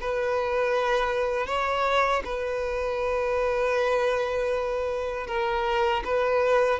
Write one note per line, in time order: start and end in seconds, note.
0.00 1.46 B4
1.46 2.22 C#5
2.24 5.27 B4
5.27 6.03 A#4
6.04 6.79 B4